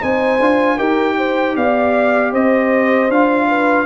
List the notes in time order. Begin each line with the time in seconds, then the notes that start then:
0.00 C4 D#4 C5 G#5
0.39 D4 F4
0.76 D#4 G4 A#4 G5
1.17 C5
1.56 B3 D5 F5
2.31 C4 C5 D#5
3.09 D4 F4 F5
3.48 B4